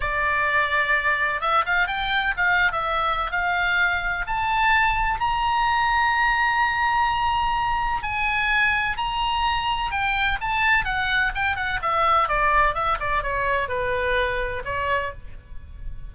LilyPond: \new Staff \with { instrumentName = "oboe" } { \time 4/4 \tempo 4 = 127 d''2. e''8 f''8 | g''4 f''8. e''4~ e''16 f''4~ | f''4 a''2 ais''4~ | ais''1~ |
ais''4 gis''2 ais''4~ | ais''4 g''4 a''4 fis''4 | g''8 fis''8 e''4 d''4 e''8 d''8 | cis''4 b'2 cis''4 | }